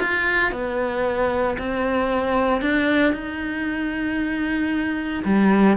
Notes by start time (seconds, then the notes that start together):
0.00 F4
0.52 B3
1.58 C4
2.62 D4
3.13 D#4
5.25 G3